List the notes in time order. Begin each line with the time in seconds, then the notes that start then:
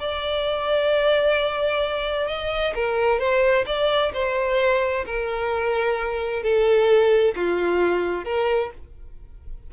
0.00 D5
2.28 D#5
2.75 A#4
3.19 C5
3.66 D5
4.13 C5
5.06 A#4
6.43 A4
7.36 F4
8.25 A#4